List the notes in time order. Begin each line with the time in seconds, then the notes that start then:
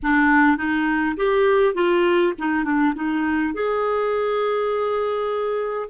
0.02 D4
0.57 D#4
1.17 G4
1.74 F4
2.38 D#4
2.64 D4
2.95 D#4
3.53 G#4